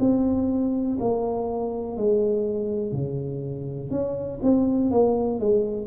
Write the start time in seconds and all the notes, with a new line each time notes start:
0.00 C4
1.00 A#3
1.97 G#3
2.92 C#3
3.90 C#4
4.43 C4
4.91 A#3
5.40 G#3